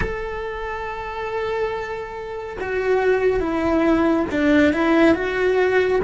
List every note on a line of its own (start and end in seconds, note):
0.00 2.57 A4
2.59 3.39 F#4
3.39 4.25 E4
4.31 4.73 D4
4.73 5.14 E4
5.14 6.00 F#4